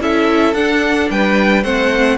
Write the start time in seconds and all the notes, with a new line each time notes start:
0.00 C#4 E4 A4 E5
0.54 D4 F#5
1.10 G3 B4 G5
1.63 A3 C4 C5 F#5